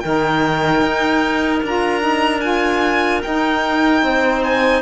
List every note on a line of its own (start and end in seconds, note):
0.00 0.82 D#3
0.00 1.64 D#4
0.00 4.04 A#4
0.00 1.60 G5
0.82 1.62 D#4
1.63 3.23 D4
1.63 2.01 F4
1.63 2.41 A#5
2.01 2.41 D#4
2.41 3.22 F4
2.41 3.21 G#5
3.23 4.82 D#4
3.23 4.03 D#4
3.23 4.43 G5
4.03 4.82 C4
4.03 4.82 C5
4.44 4.82 G#5